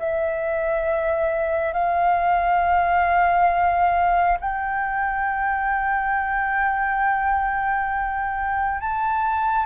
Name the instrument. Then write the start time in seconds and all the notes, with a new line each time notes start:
flute
0.00 E5
1.73 F5
4.41 G5
8.81 A5